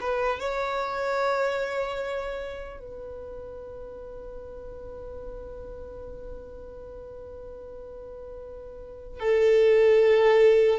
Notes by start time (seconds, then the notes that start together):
0.00 B4
0.39 C#5
2.79 B4
9.19 A4